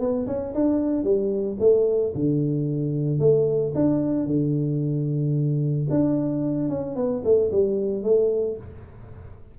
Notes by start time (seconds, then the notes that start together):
0.00 B3
0.27 C#4
0.55 D4
1.04 G3
1.60 A3
2.15 D3
3.19 A3
3.75 D4
4.27 D3
5.90 D4
6.69 C#4
6.96 B3
7.24 A3
7.51 G3
8.03 A3